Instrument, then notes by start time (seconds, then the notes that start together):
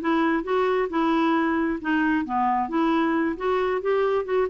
clarinet
0.00 E4
0.43 F#4
0.89 E4
1.81 D#4
2.25 B3
2.68 E4
3.36 F#4
3.81 G4
4.24 F#4